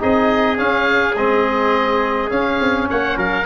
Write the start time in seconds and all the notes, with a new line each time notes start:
0.00 C4 D#4 G#4 D#5
0.58 C#4 F5
1.16 G#3 C4 D#5
2.30 C#4 F5
2.61 C4
2.90 A#3 C#5 F#5
3.17 F#3 A#4 F5